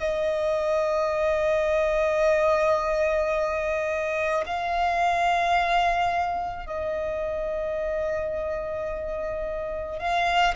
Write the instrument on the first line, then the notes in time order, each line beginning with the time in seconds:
violin
0.00 D#5
4.46 F5
6.67 D#5
9.99 F5